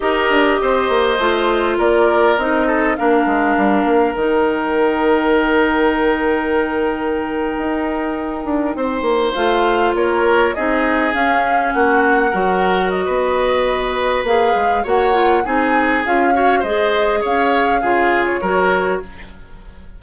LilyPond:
<<
  \new Staff \with { instrumentName = "flute" } { \time 4/4 \tempo 4 = 101 dis''2. d''4 | dis''4 f''2 g''4~ | g''1~ | g''2.~ g''8. f''16~ |
f''8. cis''4 dis''4 f''4 fis''16~ | fis''4.~ fis''16 dis''2~ dis''16 | f''4 fis''4 gis''4 f''4 | dis''4 f''4.~ f''16 cis''4~ cis''16 | }
  \new Staff \with { instrumentName = "oboe" } { \time 4/4 ais'4 c''2 ais'4~ | ais'8 a'8 ais'2.~ | ais'1~ | ais'2~ ais'8. c''4~ c''16~ |
c''8. ais'4 gis'2 fis'16~ | fis'8. ais'4~ ais'16 b'2~ | b'4 cis''4 gis'4. cis''8 | c''4 cis''4 gis'4 ais'4 | }
  \new Staff \with { instrumentName = "clarinet" } { \time 4/4 g'2 f'2 | dis'4 d'2 dis'4~ | dis'1~ | dis'2.~ dis'8. f'16~ |
f'4.~ f'16 dis'4 cis'4~ cis'16~ | cis'8. fis'2.~ fis'16 | gis'4 fis'8 f'8 dis'4 f'8 fis'8 | gis'2 f'4 fis'4 | }
  \new Staff \with { instrumentName = "bassoon" } { \time 4/4 dis'8 d'8 c'8 ais8 a4 ais4 | c'4 ais8 gis8 g8 ais8 dis4~ | dis1~ | dis8. dis'4. d'8 c'8 ais8 a16~ |
a8. ais4 c'4 cis'4 ais16~ | ais8. fis4~ fis16 b2 | ais8 gis8 ais4 c'4 cis'4 | gis4 cis'4 cis4 fis4 | }
>>